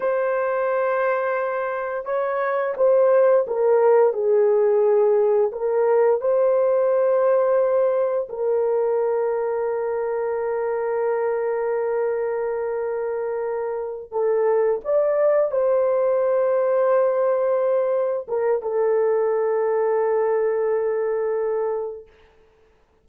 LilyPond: \new Staff \with { instrumentName = "horn" } { \time 4/4 \tempo 4 = 87 c''2. cis''4 | c''4 ais'4 gis'2 | ais'4 c''2. | ais'1~ |
ais'1~ | ais'8 a'4 d''4 c''4.~ | c''2~ c''8 ais'8 a'4~ | a'1 | }